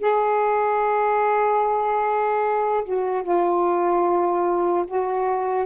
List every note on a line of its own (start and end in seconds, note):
0.00 2.84 G#4
2.84 3.23 F#4
3.23 4.85 F4
4.87 5.66 F#4